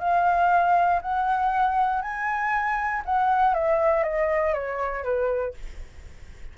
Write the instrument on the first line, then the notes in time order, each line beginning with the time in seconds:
flute
0.00 F5
1.02 F#5
2.02 G#5
3.05 F#5
3.55 E5
4.04 D#5
4.54 C#5
5.04 B4